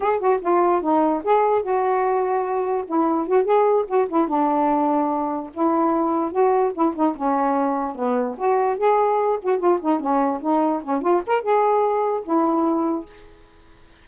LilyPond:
\new Staff \with { instrumentName = "saxophone" } { \time 4/4 \tempo 4 = 147 gis'8 fis'8 f'4 dis'4 gis'4 | fis'2. e'4 | fis'8 gis'4 fis'8 e'8 d'4.~ | d'4. e'2 fis'8~ |
fis'8 e'8 dis'8 cis'2 b8~ | b8 fis'4 gis'4. fis'8 f'8 | dis'8 cis'4 dis'4 cis'8 f'8 ais'8 | gis'2 e'2 | }